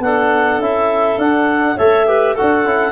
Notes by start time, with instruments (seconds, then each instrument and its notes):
0.00 tuba B3, trombone D4, clarinet A4 F#5
0.58 tuba C#4, trombone E4, clarinet E5
1.18 tuba D4, trombone D4, clarinet F#5
1.76 tuba A3, trombone A4, clarinet C#5 E5
2.07 trombone G4, clarinet B4
2.35 trombone F#4, clarinet A4 F#5
2.41 tuba D4
2.65 tuba C#4, trombone E4